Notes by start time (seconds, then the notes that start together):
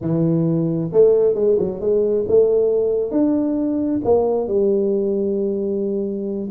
0.01 E3
0.92 A3
1.34 G#3
1.58 F#3
1.80 G#3
2.28 A3
3.11 D4
4.04 A#3
4.47 G3